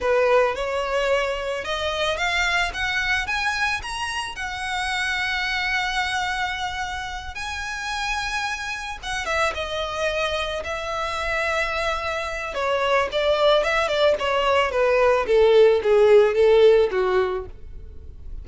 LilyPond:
\new Staff \with { instrumentName = "violin" } { \time 4/4 \tempo 4 = 110 b'4 cis''2 dis''4 | f''4 fis''4 gis''4 ais''4 | fis''1~ | fis''4. gis''2~ gis''8~ |
gis''8 fis''8 e''8 dis''2 e''8~ | e''2. cis''4 | d''4 e''8 d''8 cis''4 b'4 | a'4 gis'4 a'4 fis'4 | }